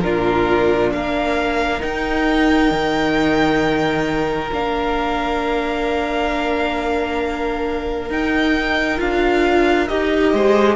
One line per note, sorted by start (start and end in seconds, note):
0.00 0.92 A#2
0.00 1.80 D4
0.00 0.93 F4
0.00 0.90 A#4
0.92 1.82 A#3
0.92 10.33 A#4
0.92 1.82 F5
1.80 4.48 D#4
1.80 2.71 D#4
1.80 4.50 G5
2.71 4.50 D#3
4.52 8.09 A#3
4.52 8.10 D4
4.52 8.11 F5
8.09 8.99 D#4
8.09 8.97 D#4
8.09 9.00 G5
8.97 9.89 D4
8.97 9.87 F4
8.97 9.88 F5
9.88 10.33 D#4
9.88 10.75 G4
9.88 10.75 D#5
10.33 10.75 G#3
10.33 10.75 C5